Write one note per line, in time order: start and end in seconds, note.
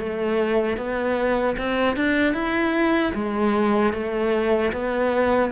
0.00 0.78 A3
0.78 1.56 B3
1.58 1.97 C4
1.97 2.34 D4
2.34 3.13 E4
3.15 3.94 G#3
3.94 4.73 A3
4.73 5.52 B3